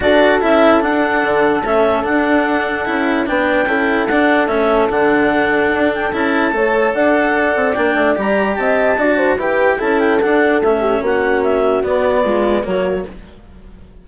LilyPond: <<
  \new Staff \with { instrumentName = "clarinet" } { \time 4/4 \tempo 4 = 147 d''4 e''4 fis''2 | e''4 fis''2. | g''2 fis''4 e''4 | fis''2~ fis''8 g''8 a''4~ |
a''4 fis''2 g''4 | ais''4 a''2 g''4 | a''8 g''8 fis''4 e''4 fis''4 | e''4 d''2 cis''4 | }
  \new Staff \with { instrumentName = "horn" } { \time 4/4 a'1~ | a'1 | b'4 a'2.~ | a'1 |
cis''4 d''2.~ | d''4 dis''4 d''8 c''8 b'4 | a'2~ a'8 g'8 fis'4~ | fis'2 f'4 fis'4 | }
  \new Staff \with { instrumentName = "cello" } { \time 4/4 fis'4 e'4 d'2 | cis'4 d'2 e'4 | d'4 e'4 d'4 cis'4 | d'2. e'4 |
a'2. d'4 | g'2 fis'4 g'4 | e'4 d'4 cis'2~ | cis'4 b4 gis4 ais4 | }
  \new Staff \with { instrumentName = "bassoon" } { \time 4/4 d'4 cis'4 d'4 d4 | a4 d'2 cis'4 | b4 cis'4 d'4 a4 | d2 d'4 cis'4 |
a4 d'4. c'8 ais8 a8 | g4 c'4 d'4 e'4 | cis'4 d'4 a4 ais4~ | ais4 b2 fis4 | }
>>